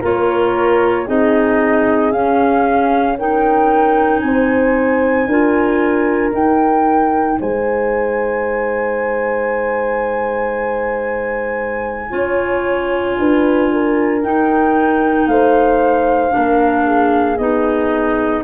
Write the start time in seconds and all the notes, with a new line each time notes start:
0.00 A#3 F4 A#4 C#5
1.07 C4 D#4 G#4 D#5
2.12 C#4 F5
3.19 D#4 A#4 G5
4.19 C4 C5 G#5
5.26 D4 F4 A#4
6.33 D#4 G5
7.40 G#3 C5 G#5
12.10 C#4 F4 C#5
13.19 D4 B4
13.72 A#4
14.23 D#4 G5
15.26 A3 C5 F5
16.31 A#3 D4 A#4
16.85 G#4
17.37 B3 D#4 D#5